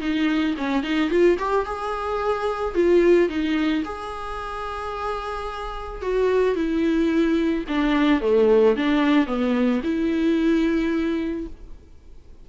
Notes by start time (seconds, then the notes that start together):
0.00 D#4
0.57 C#4
0.83 D#4
1.10 F4
1.39 G4
1.65 G#4
2.74 F4
3.29 D#4
3.84 G#4
6.01 F#4
6.55 E4
7.68 D4
8.21 A3
8.76 D4
9.26 B3
9.83 E4